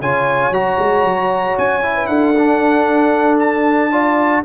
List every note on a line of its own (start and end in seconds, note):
0.00 0.50 C#3
0.00 0.53 F4
0.00 1.96 C#5
0.00 0.53 G#5
0.50 0.76 F#3
0.50 1.82 F#4
0.50 1.57 A#5
0.78 1.04 G#3
1.04 1.56 F#3
1.57 2.08 C#4
1.57 2.06 G#5
1.82 2.34 E4
1.96 2.09 B4
2.06 4.42 D4
2.06 3.90 A4
2.06 3.37 F#5
2.38 3.91 D4
3.39 4.44 A5
3.90 4.44 F4
3.90 4.42 D5